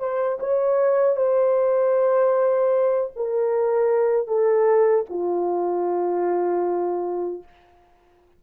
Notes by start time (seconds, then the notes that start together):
0.00 C5
0.40 C#5
1.17 C5
3.16 A#4
4.28 A4
5.10 F4